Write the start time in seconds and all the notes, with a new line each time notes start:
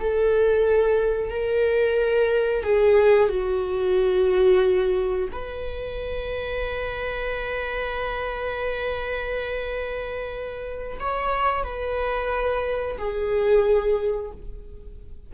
0.00 A4
1.30 A#4
2.63 G#4
3.29 F#4
5.32 B4
11.00 C#5
11.64 B4
12.98 G#4